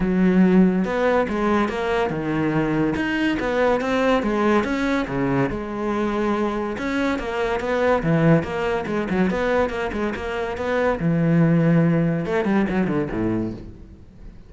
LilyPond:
\new Staff \with { instrumentName = "cello" } { \time 4/4 \tempo 4 = 142 fis2 b4 gis4 | ais4 dis2 dis'4 | b4 c'4 gis4 cis'4 | cis4 gis2. |
cis'4 ais4 b4 e4 | ais4 gis8 fis8 b4 ais8 gis8 | ais4 b4 e2~ | e4 a8 g8 fis8 d8 a,4 | }